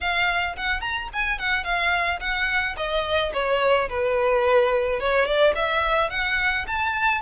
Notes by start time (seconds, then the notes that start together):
0.00 F5
0.56 F#5
0.81 A#5
1.13 G#5
1.38 F#5
1.64 F5
2.20 F#5
2.76 D#5
3.33 C#5
3.89 B4
5.00 C#5
5.25 D5
5.55 E5
6.10 F#5
6.67 A5